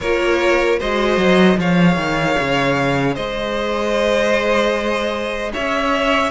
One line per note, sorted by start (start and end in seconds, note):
0.00 0.80 A#3
0.00 0.80 F4
0.00 0.79 A#4
0.00 0.79 C#5
0.79 1.17 G#3
0.79 1.58 F#4
0.79 1.58 C5
0.79 1.59 D#5
1.17 1.56 F#3
1.57 1.96 F3
1.57 6.30 G#4
1.57 3.14 C#5
1.57 3.15 F5
1.96 2.35 D#3
2.39 3.16 C#3
3.14 5.53 G#3
3.14 5.51 C5
3.14 5.52 D#5
5.53 6.30 C#4
5.53 6.30 C#5
5.53 6.30 E5